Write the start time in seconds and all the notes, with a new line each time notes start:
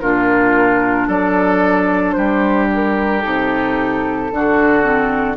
0.00 A#2 D4 F4 A#4
1.07 F#3 A4 D5
2.12 G3 G4 C5
2.74 A#4
3.21 C3 D#4 A4
4.32 D3 D4 F#4
4.83 C4